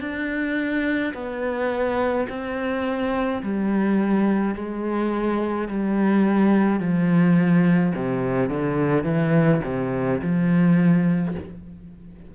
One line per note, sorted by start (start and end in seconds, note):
0.00 1.13 D4
1.13 2.26 B3
2.28 3.42 C4
3.42 4.54 G3
4.54 5.68 G#3
5.68 6.79 G3
6.79 7.92 F3
7.95 8.49 C3
8.49 9.04 D3
9.04 9.60 E3
9.64 10.20 C3
10.21 11.34 F3